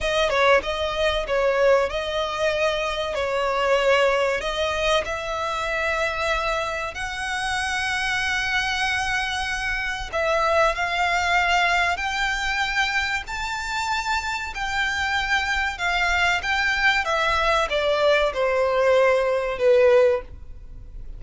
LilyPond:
\new Staff \with { instrumentName = "violin" } { \time 4/4 \tempo 4 = 95 dis''8 cis''8 dis''4 cis''4 dis''4~ | dis''4 cis''2 dis''4 | e''2. fis''4~ | fis''1 |
e''4 f''2 g''4~ | g''4 a''2 g''4~ | g''4 f''4 g''4 e''4 | d''4 c''2 b'4 | }